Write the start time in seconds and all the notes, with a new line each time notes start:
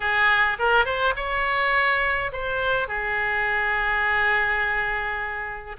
0.00 G#4
0.58 A#4
0.85 C5
1.16 C#5
2.32 C5
2.88 G#4